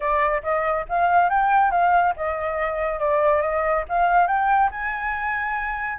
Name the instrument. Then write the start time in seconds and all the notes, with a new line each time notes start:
flute
0.00 D5
0.42 D#5
0.88 F5
1.29 G5
1.71 F5
2.16 D#5
2.99 D5
3.41 D#5
3.88 F5
4.27 G5
4.71 G#5